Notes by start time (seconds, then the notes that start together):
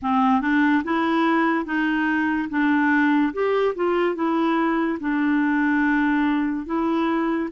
0.02 C4
0.41 D4
0.83 E4
1.65 D#4
2.49 D4
3.33 G4
3.75 F4
4.15 E4
5.00 D4
6.66 E4